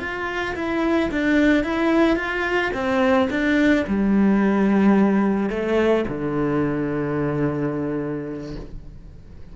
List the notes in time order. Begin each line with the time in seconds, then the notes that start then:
0.00 F4
0.56 E4
1.11 D4
1.64 E4
2.17 F4
2.74 C4
3.30 D4
3.88 G3
5.50 A3
6.09 D3